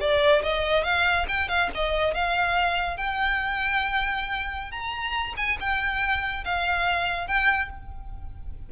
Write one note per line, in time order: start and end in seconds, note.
0.00 0.42 D5
0.42 0.84 D#5
0.84 1.26 F5
1.28 1.48 G5
1.48 1.69 F5
1.74 2.14 D#5
2.14 2.97 F5
2.97 4.71 G5
4.71 5.34 A#5
5.37 5.58 G#5
5.60 6.44 G5
6.44 7.27 F5
7.27 7.69 G5